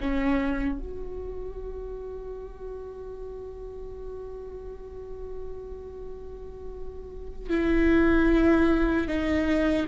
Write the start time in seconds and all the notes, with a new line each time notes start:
0.00 C#4
0.79 F#4
7.50 E4
9.08 D#4